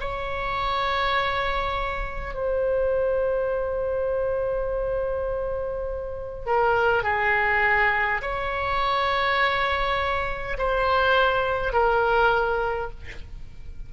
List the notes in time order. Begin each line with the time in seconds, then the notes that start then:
0.00 C#5
2.34 C5
6.46 A#4
7.03 G#4
8.22 C#5
10.58 C5
11.73 A#4